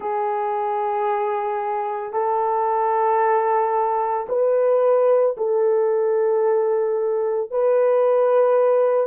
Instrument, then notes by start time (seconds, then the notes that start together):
horn
0.00 G#4
2.12 A4
4.29 B4
5.37 A4
7.50 B4